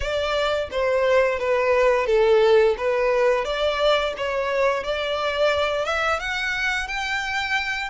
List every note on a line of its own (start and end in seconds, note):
0.00 0.69 D5
0.71 1.39 C5
1.39 2.06 B4
2.06 2.75 A4
2.77 3.44 B4
3.44 4.13 D5
4.17 4.83 C#5
4.83 5.85 D5
5.85 6.19 E5
6.19 6.87 F#5
6.87 7.89 G5